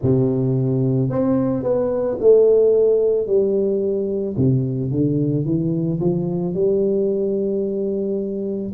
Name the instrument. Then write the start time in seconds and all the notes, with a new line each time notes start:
tuba
0.02 C3
1.09 C4
1.63 B3
2.20 A3
3.27 G3
4.36 C3
4.91 D3
5.45 E3
6.00 F3
6.54 G3